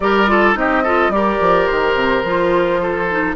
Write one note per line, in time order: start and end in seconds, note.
0.00 0.55 G3
0.00 0.27 G4
0.00 0.30 A#4
0.00 0.55 D5
0.27 0.54 F4
0.27 0.58 A4
0.54 1.08 C4
0.54 0.82 D#4
0.54 0.83 G4
0.54 1.11 D#5
0.83 1.12 F4
0.83 1.11 A4
1.08 1.36 G3
1.08 2.24 G4
1.08 2.82 A#4
1.08 1.67 D5
1.40 1.68 F3
1.67 1.95 D#3
1.67 3.35 C5
1.95 2.23 C3
2.23 3.35 F3
2.23 3.09 F4
2.82 3.35 A4
3.09 3.35 D#4